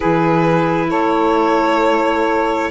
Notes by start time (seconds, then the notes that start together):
0.00 E3 E4 G#4 B4
0.89 A3 A4 C#5